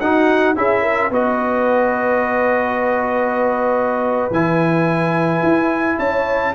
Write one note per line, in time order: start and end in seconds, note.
0.00 0.56 D#4
0.00 0.56 F#4
0.00 0.56 F#5
0.56 1.10 C#4
0.56 1.11 E4
0.56 0.83 G#4
0.56 1.13 E5
0.83 1.10 A#4
1.10 4.30 B3
1.10 4.31 F#4
1.10 5.97 B4
1.10 4.33 D#5
4.31 5.42 E3
4.31 6.55 E4
4.31 5.99 G#5
5.43 5.98 E4
5.99 6.55 C#4
5.99 6.54 C#5
5.99 6.55 A5